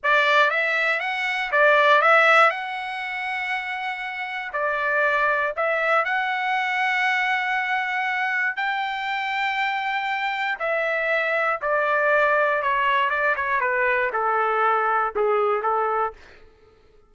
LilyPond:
\new Staff \with { instrumentName = "trumpet" } { \time 4/4 \tempo 4 = 119 d''4 e''4 fis''4 d''4 | e''4 fis''2.~ | fis''4 d''2 e''4 | fis''1~ |
fis''4 g''2.~ | g''4 e''2 d''4~ | d''4 cis''4 d''8 cis''8 b'4 | a'2 gis'4 a'4 | }